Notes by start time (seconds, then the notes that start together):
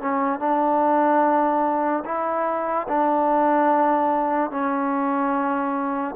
0.00 C#4
0.39 D4
2.05 E4
2.88 D4
4.50 C#4